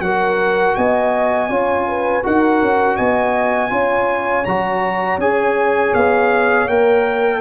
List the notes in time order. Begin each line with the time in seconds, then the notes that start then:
0.00 F#3 F#4 A#4 F#5
0.75 B3 D#5 G#5
1.49 C#4 F4 C#5
1.88 B4
2.23 D#4 F#4 A#4 F#5
2.62 C#4
2.97 B3 D#5 G#5
3.70 C#4 F4 C#5
4.45 F#3 F#4 A#5
5.18 C#4 G#4 G#5
5.94 B3 F5
6.67 A#3 A#4 G5